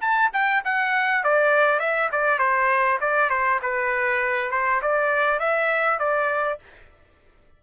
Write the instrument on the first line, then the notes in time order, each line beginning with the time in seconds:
trumpet
0.00 A5
0.33 G5
0.64 F#5
1.23 D5
1.79 E5
2.11 D5
2.38 C5
3.00 D5
3.29 C5
3.62 B4
4.51 C5
4.82 D5
5.39 E5
5.99 D5